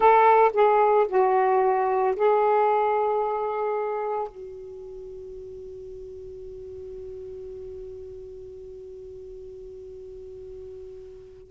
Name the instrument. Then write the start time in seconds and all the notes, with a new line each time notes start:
saxophone
0.00 A4
0.53 G#4
1.08 F#4
2.15 G#4
4.28 F#4